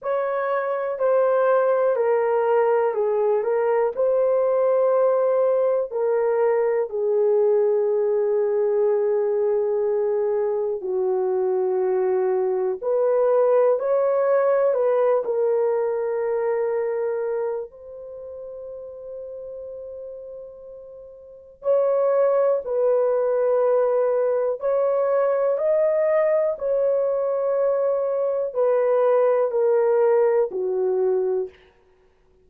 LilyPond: \new Staff \with { instrumentName = "horn" } { \time 4/4 \tempo 4 = 61 cis''4 c''4 ais'4 gis'8 ais'8 | c''2 ais'4 gis'4~ | gis'2. fis'4~ | fis'4 b'4 cis''4 b'8 ais'8~ |
ais'2 c''2~ | c''2 cis''4 b'4~ | b'4 cis''4 dis''4 cis''4~ | cis''4 b'4 ais'4 fis'4 | }